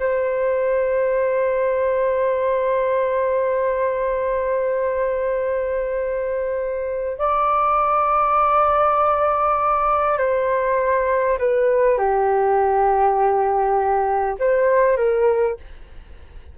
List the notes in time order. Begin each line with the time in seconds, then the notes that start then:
0.00 C5
7.19 D5
10.18 C5
11.39 B4
11.99 G4
14.40 C5
14.97 A#4